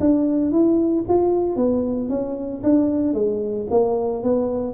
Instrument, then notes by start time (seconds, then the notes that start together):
tuba
0.00 D4
0.51 E4
1.08 F4
1.56 B3
2.09 C#4
2.63 D4
3.14 G#3
3.70 A#3
4.23 B3